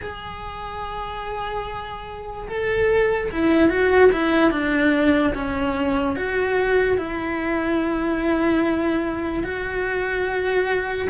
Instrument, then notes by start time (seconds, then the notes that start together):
cello
0.01 G#4
2.48 A4
3.31 E4
3.69 F#4
4.12 E4
4.51 D4
5.34 C#4
6.16 F#4
6.97 E4
9.43 F#4